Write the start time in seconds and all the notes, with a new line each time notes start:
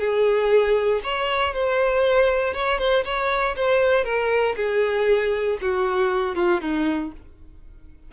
0.00 G#4
1.04 C#5
1.54 C5
2.54 C#5
2.79 C5
3.05 C#5
3.57 C5
4.05 A#4
4.57 G#4
5.61 F#4
6.36 F4
6.61 D#4